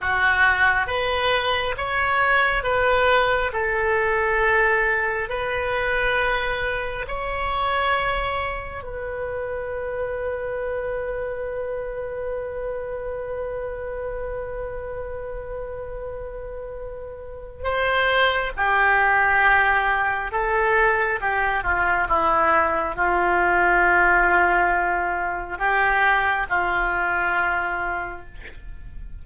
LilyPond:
\new Staff \with { instrumentName = "oboe" } { \time 4/4 \tempo 4 = 68 fis'4 b'4 cis''4 b'4 | a'2 b'2 | cis''2 b'2~ | b'1~ |
b'1 | c''4 g'2 a'4 | g'8 f'8 e'4 f'2~ | f'4 g'4 f'2 | }